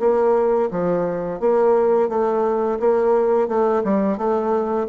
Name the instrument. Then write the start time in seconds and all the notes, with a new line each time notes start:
bassoon
0.00 A#3
0.71 F3
1.40 A#3
2.09 A3
2.80 A#3
3.48 A3
3.84 G3
4.18 A3